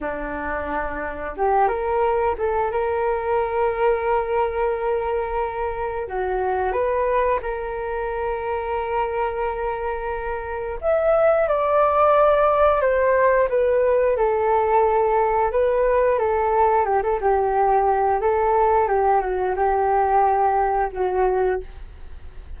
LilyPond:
\new Staff \with { instrumentName = "flute" } { \time 4/4 \tempo 4 = 89 d'2 g'8 ais'4 a'8 | ais'1~ | ais'4 fis'4 b'4 ais'4~ | ais'1 |
e''4 d''2 c''4 | b'4 a'2 b'4 | a'4 g'16 a'16 g'4. a'4 | g'8 fis'8 g'2 fis'4 | }